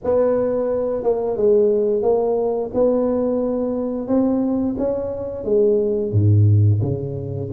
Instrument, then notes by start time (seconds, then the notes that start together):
tuba
0.03 B3
1.03 A#3
1.36 G#3
2.02 A#3
2.74 B3
4.07 C4
4.78 C#4
5.44 G#3
6.12 G#2
6.81 C#3